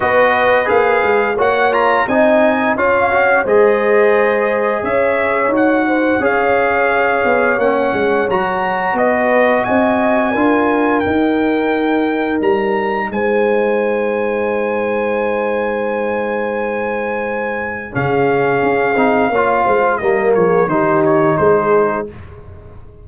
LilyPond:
<<
  \new Staff \with { instrumentName = "trumpet" } { \time 4/4 \tempo 4 = 87 dis''4 f''4 fis''8 ais''8 gis''4 | f''4 dis''2 e''4 | fis''4 f''2 fis''4 | ais''4 dis''4 gis''2 |
g''2 ais''4 gis''4~ | gis''1~ | gis''2 f''2~ | f''4 dis''8 cis''8 c''8 cis''8 c''4 | }
  \new Staff \with { instrumentName = "horn" } { \time 4/4 b'2 cis''4 dis''4 | cis''4 c''2 cis''4~ | cis''8 c''8 cis''2.~ | cis''4 b'4 dis''4 ais'4~ |
ais'2. c''4~ | c''1~ | c''2 gis'2 | cis''8 c''8 ais'8 gis'8 g'4 gis'4 | }
  \new Staff \with { instrumentName = "trombone" } { \time 4/4 fis'4 gis'4 fis'8 f'8 dis'4 | f'8 fis'8 gis'2. | fis'4 gis'2 cis'4 | fis'2. f'4 |
dis'1~ | dis'1~ | dis'2 cis'4. dis'8 | f'4 ais4 dis'2 | }
  \new Staff \with { instrumentName = "tuba" } { \time 4/4 b4 ais8 gis8 ais4 c'4 | cis'4 gis2 cis'4 | dis'4 cis'4. b8 ais8 gis8 | fis4 b4 c'4 d'4 |
dis'2 g4 gis4~ | gis1~ | gis2 cis4 cis'8 c'8 | ais8 gis8 g8 f8 dis4 gis4 | }
>>